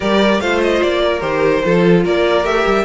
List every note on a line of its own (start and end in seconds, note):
0.00 0.40 G3
0.00 0.38 G4
0.00 0.41 A#4
0.00 0.40 D5
0.40 0.81 A3
0.40 1.20 F4
0.40 1.02 C5
0.40 0.60 F5
0.61 0.82 D#5
0.82 1.21 A#3
0.82 1.20 D5
1.03 1.64 A#4
1.20 1.62 D#3
1.20 1.61 G4
1.20 2.02 C5
1.63 2.05 F3
1.63 2.43 F4
1.63 2.04 A4
2.04 2.44 A#3
2.04 2.84 A#4
2.04 2.45 D5
2.43 2.65 A3
2.43 2.84 G4
2.43 2.84 E5
2.66 2.84 G3